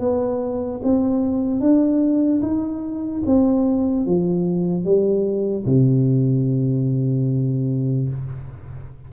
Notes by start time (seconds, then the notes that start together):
0.00 B3
0.83 C4
1.61 D4
2.42 D#4
3.26 C4
4.06 F3
4.85 G3
5.66 C3